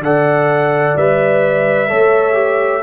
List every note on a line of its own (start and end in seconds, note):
0.00 0.94 D3
0.00 0.98 A4
0.00 1.90 D5
0.00 0.97 F#5
0.97 1.91 G3
0.97 1.89 B4
0.97 2.83 E5
1.89 2.83 A3
1.89 2.34 A4
1.89 2.83 C#5
2.34 2.81 G4